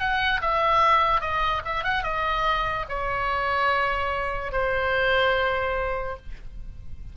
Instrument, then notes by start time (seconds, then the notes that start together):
oboe
0.00 F#5
0.41 E5
1.21 D#5
1.65 E5
1.84 F#5
2.04 D#5
2.89 C#5
4.52 C5